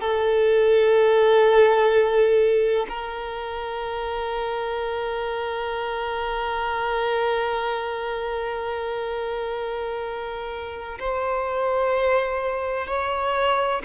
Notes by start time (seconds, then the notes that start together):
0.00 A4
2.88 A#4
10.99 C5
12.87 C#5